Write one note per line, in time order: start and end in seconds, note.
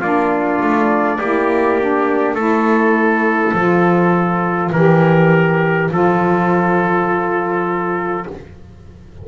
0.00 0.60 A#3
0.00 1.20 D4
0.00 1.18 F4
0.00 2.35 D5
0.60 1.19 A3
1.18 2.35 A#3
1.18 1.80 E4
1.18 2.35 G4
1.80 2.37 D4
2.35 3.52 A3
2.35 3.55 E4
2.35 4.70 A4
2.35 8.24 C5
3.53 4.71 F3
3.53 4.74 F4
4.72 5.89 E3
4.72 5.91 G4
4.72 5.90 A#4
5.90 8.26 F3
5.90 8.26 F4
5.90 8.27 A4